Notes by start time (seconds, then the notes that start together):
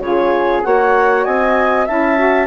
0.00 C#3 F4 G#4 C#5
0.63 A#3 F#4 C#5 F#5
1.25 C4 D#5 G#5
1.86 C#4 E4 E5 A5
2.18 F#4